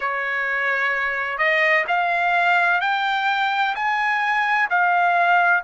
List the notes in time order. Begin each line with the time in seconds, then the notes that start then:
0.00 C#5
1.38 D#5
1.87 F5
2.80 G5
3.75 G#5
4.70 F5